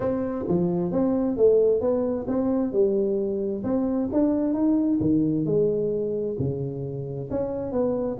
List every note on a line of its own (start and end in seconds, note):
0.00 0.45 C4
0.48 0.91 F3
0.91 1.37 C4
1.37 1.81 A3
1.81 2.26 B3
2.27 2.72 C4
2.72 3.63 G3
3.63 4.09 C4
4.12 4.53 D4
4.53 4.99 D#4
5.00 5.45 D#3
5.45 6.36 G#3
6.38 7.29 C#3
7.30 7.71 C#4
7.71 8.17 B3